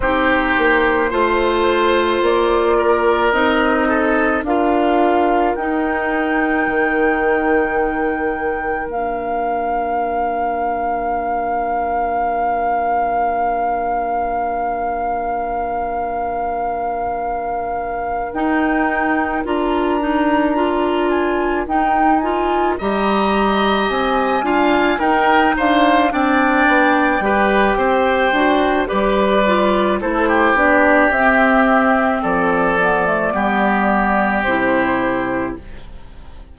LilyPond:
<<
  \new Staff \with { instrumentName = "flute" } { \time 4/4 \tempo 4 = 54 c''2 d''4 dis''4 | f''4 g''2. | f''1~ | f''1~ |
f''8 g''4 ais''4. gis''8 g''8 | gis''8 ais''4 gis''4 g''8 f''8 g''8~ | g''2 d''4 c''8 d''8 | e''4 d''2 c''4 | }
  \new Staff \with { instrumentName = "oboe" } { \time 4/4 g'4 c''4. ais'4 a'8 | ais'1~ | ais'1~ | ais'1~ |
ais'1~ | ais'8 dis''4. f''8 ais'8 c''8 d''8~ | d''8 b'8 c''4 b'4 a'16 g'8.~ | g'4 a'4 g'2 | }
  \new Staff \with { instrumentName = "clarinet" } { \time 4/4 dis'4 f'2 dis'4 | f'4 dis'2. | d'1~ | d'1~ |
d'8 dis'4 f'8 dis'8 f'4 dis'8 | f'8 g'4. f'8 dis'4 d'8~ | d'8 g'4 fis'8 g'8 f'8 e'8 d'8 | c'4. b16 a16 b4 e'4 | }
  \new Staff \with { instrumentName = "bassoon" } { \time 4/4 c'8 ais8 a4 ais4 c'4 | d'4 dis'4 dis2 | ais1~ | ais1~ |
ais8 dis'4 d'2 dis'8~ | dis'8 g4 c'8 d'8 dis'8 d'8 c'8 | b8 g8 c'8 d'8 g4 a8 b8 | c'4 f4 g4 c4 | }
>>